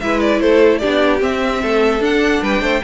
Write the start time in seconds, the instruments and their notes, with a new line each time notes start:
0.00 cello G#3, viola E4, violin B4 E5
0.20 violin D5
0.40 cello A3, violin A4 C5
0.78 viola D4, violin G4 D5
0.85 cello B3
1.19 viola C4, cello C4, violin E5
1.62 cello A3, violin A4
2.00 cello D4, viola D4, violin F#5
2.42 cello G3, violin B4 G5
2.61 cello A3, violin C5